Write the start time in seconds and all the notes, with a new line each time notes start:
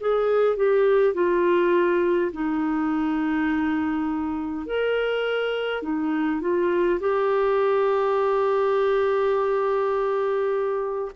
0.00 G#4
0.57 G4
1.14 F4
2.33 D#4
4.66 A#4
5.83 D#4
6.41 F4
7.00 G4